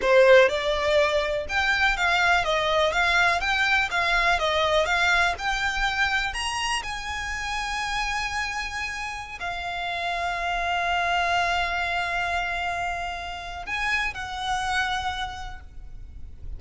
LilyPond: \new Staff \with { instrumentName = "violin" } { \time 4/4 \tempo 4 = 123 c''4 d''2 g''4 | f''4 dis''4 f''4 g''4 | f''4 dis''4 f''4 g''4~ | g''4 ais''4 gis''2~ |
gis''2.~ gis''16 f''8.~ | f''1~ | f''1 | gis''4 fis''2. | }